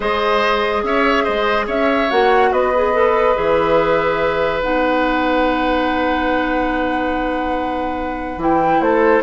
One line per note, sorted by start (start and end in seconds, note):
0.00 0.83 G#3
0.00 2.10 G#4
0.00 0.82 C5
0.00 0.84 D#5
0.83 1.25 C#4
0.83 1.24 C#5
0.83 1.24 E5
1.24 1.67 G#3
1.24 1.66 C5
1.24 1.66 D#5
1.66 2.09 C#4
1.66 2.50 C#5
1.66 2.10 E5
2.10 2.51 A#3
2.10 2.73 F#4
2.10 2.52 F#5
2.51 3.35 B3
2.51 8.81 B4
2.51 3.36 D#5
2.75 2.93 G#4
2.93 3.35 A4
3.35 4.62 E3
3.35 4.61 G#4
3.35 4.62 E5
4.62 8.37 B3
4.62 8.39 D#4
4.62 8.40 F#5
8.37 8.79 E3
8.37 9.22 E4
8.37 8.81 G5
8.80 9.22 A3
8.80 9.22 A4
8.80 9.22 C5